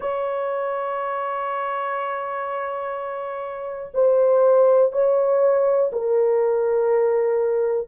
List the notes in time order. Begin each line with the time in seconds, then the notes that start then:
0.00 C#5
3.93 C5
4.92 C#5
5.92 A#4